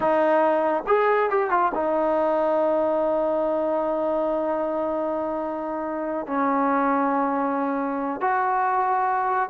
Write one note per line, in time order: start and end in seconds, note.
0.00 0.83 D#4
0.86 1.29 G#4
1.29 1.50 G4
1.50 1.72 F4
1.74 6.26 D#4
6.26 8.20 C#4
8.20 9.49 F#4